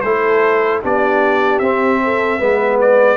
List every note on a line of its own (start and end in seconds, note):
0.00 0.82 A3
0.00 0.82 E4
0.00 0.82 A4
0.00 0.79 C5
0.82 1.60 B3
0.82 1.61 D4
0.82 2.00 G4
0.82 1.59 D5
1.59 2.39 C4
1.59 2.77 E5
2.03 2.38 A4
2.38 3.17 G#3
2.38 3.17 B3
2.38 3.17 B4
2.80 3.17 D5